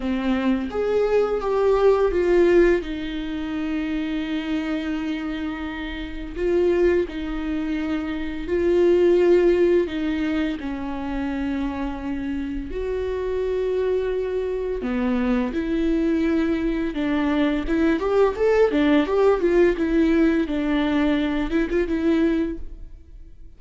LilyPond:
\new Staff \with { instrumentName = "viola" } { \time 4/4 \tempo 4 = 85 c'4 gis'4 g'4 f'4 | dis'1~ | dis'4 f'4 dis'2 | f'2 dis'4 cis'4~ |
cis'2 fis'2~ | fis'4 b4 e'2 | d'4 e'8 g'8 a'8 d'8 g'8 f'8 | e'4 d'4. e'16 f'16 e'4 | }